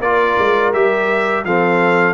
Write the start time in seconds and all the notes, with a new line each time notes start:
0.00 A#3 F4 A#4 D5
0.39 G#3
0.73 G3 G4 E5
1.45 F3 C4 A4 F5